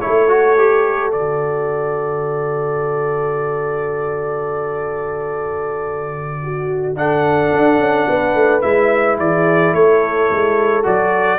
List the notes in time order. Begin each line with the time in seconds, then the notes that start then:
0.00 A3 E4 A4 C#5
0.28 F#4
0.57 G4
1.11 D3 F#4 D5
6.43 F#4
6.95 D4 A4 F#5
7.53 D4
7.77 C#4
8.08 B3 B4
8.34 A3
8.61 G#3 E4 E5
9.18 E3 G#4 D5
9.73 A3 A4 C#5
10.29 G#3
10.83 F#3 F#4 D5